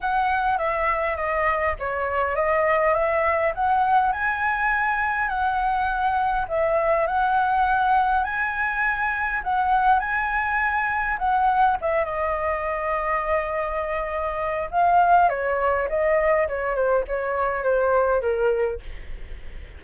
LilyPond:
\new Staff \with { instrumentName = "flute" } { \time 4/4 \tempo 4 = 102 fis''4 e''4 dis''4 cis''4 | dis''4 e''4 fis''4 gis''4~ | gis''4 fis''2 e''4 | fis''2 gis''2 |
fis''4 gis''2 fis''4 | e''8 dis''2.~ dis''8~ | dis''4 f''4 cis''4 dis''4 | cis''8 c''8 cis''4 c''4 ais'4 | }